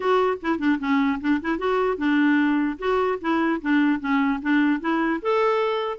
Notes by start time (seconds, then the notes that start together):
0.00 F#4
0.41 E4
0.58 D4
0.79 C#4
1.21 D4
1.41 E4
1.58 F#4
1.97 D4
2.78 F#4
3.21 E4
3.61 D4
3.99 C#4
4.42 D4
4.80 E4
5.22 A4